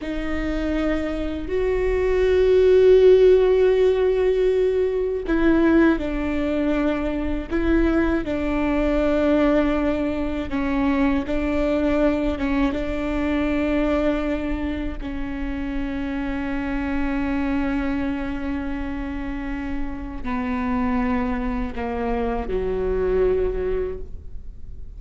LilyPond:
\new Staff \with { instrumentName = "viola" } { \time 4/4 \tempo 4 = 80 dis'2 fis'2~ | fis'2. e'4 | d'2 e'4 d'4~ | d'2 cis'4 d'4~ |
d'8 cis'8 d'2. | cis'1~ | cis'2. b4~ | b4 ais4 fis2 | }